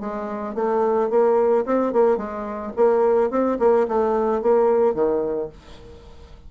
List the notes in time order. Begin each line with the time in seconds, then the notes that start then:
0.00 G#3
0.55 A3
1.10 A#3
1.66 C4
1.93 A#3
2.17 G#3
2.76 A#3
3.31 C4
3.59 A#3
3.88 A3
4.42 A#3
4.94 D#3